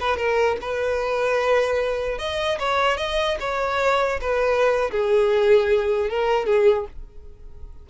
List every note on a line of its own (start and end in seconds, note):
0.00 0.17 B4
0.17 0.57 A#4
0.61 2.18 B4
2.18 2.58 D#5
2.59 2.98 C#5
2.98 3.38 D#5
3.40 4.20 C#5
4.21 4.91 B4
4.91 6.10 G#4
6.10 6.46 A#4
6.46 6.86 G#4